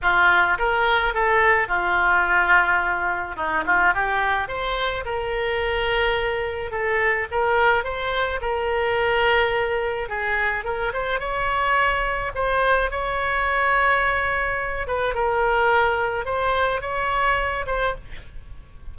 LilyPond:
\new Staff \with { instrumentName = "oboe" } { \time 4/4 \tempo 4 = 107 f'4 ais'4 a'4 f'4~ | f'2 dis'8 f'8 g'4 | c''4 ais'2. | a'4 ais'4 c''4 ais'4~ |
ais'2 gis'4 ais'8 c''8 | cis''2 c''4 cis''4~ | cis''2~ cis''8 b'8 ais'4~ | ais'4 c''4 cis''4. c''8 | }